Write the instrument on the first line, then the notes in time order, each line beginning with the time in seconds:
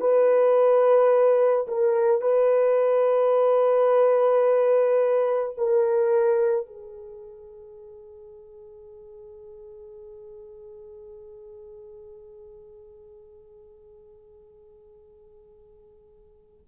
horn
0.00 B4
1.67 A#4
2.22 B4
5.58 A#4
6.66 G#4